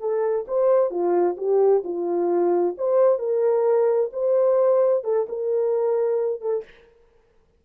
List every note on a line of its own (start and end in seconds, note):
0.00 0.46 A4
0.48 0.90 C5
0.90 1.36 F4
1.37 1.83 G4
1.84 2.76 F4
2.78 3.19 C5
3.19 4.10 A#4
4.13 5.04 C5
5.04 5.27 A4
5.29 6.41 A#4
6.41 6.64 A4